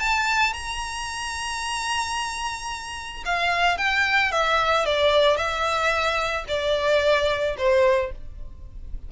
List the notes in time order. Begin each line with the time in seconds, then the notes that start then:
0.00 A5
0.54 A#5
3.26 F5
3.78 G5
4.32 E5
4.86 D5
5.37 E5
6.48 D5
7.58 C5